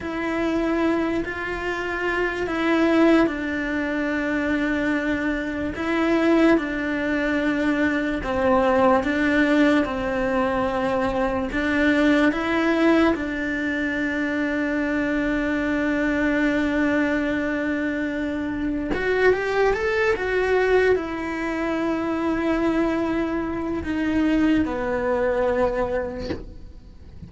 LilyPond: \new Staff \with { instrumentName = "cello" } { \time 4/4 \tempo 4 = 73 e'4. f'4. e'4 | d'2. e'4 | d'2 c'4 d'4 | c'2 d'4 e'4 |
d'1~ | d'2. fis'8 g'8 | a'8 fis'4 e'2~ e'8~ | e'4 dis'4 b2 | }